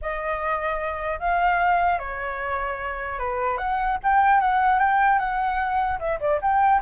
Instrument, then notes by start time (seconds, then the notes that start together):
flute
0.01 D#5
1.19 F5
1.99 C#5
3.19 B4
3.57 F#5
4.03 G5
4.40 F#5
4.79 G5
5.18 F#5
5.99 E5
6.20 D5
6.41 G5